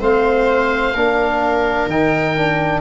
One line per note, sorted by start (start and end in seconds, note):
0.00 0.94 A3
0.00 0.94 C4
0.00 0.95 C5
0.00 1.90 F5
0.95 1.87 A#3
0.95 1.90 D4
0.95 2.81 A#4
1.87 2.80 D#3
1.87 2.36 D#4
1.87 2.81 G5
2.36 2.81 D4